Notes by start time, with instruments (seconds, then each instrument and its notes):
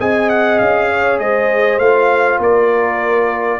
0.00 tuba C4, trombone G#4, horn D#5, trumpet G#5
0.30 trumpet F#5
0.59 tuba C#4, trumpet F5
0.91 horn C#5
1.19 tuba G#3, horn C5, trumpet D#5
1.78 tuba A3, trombone F4, trumpet F5
2.39 tuba A#3, horn A#4, trumpet D5